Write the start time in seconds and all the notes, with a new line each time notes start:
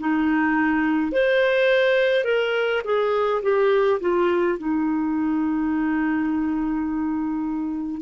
0.00 D#4
1.12 C5
2.25 A#4
2.85 G#4
3.43 G4
4.01 F4
4.58 D#4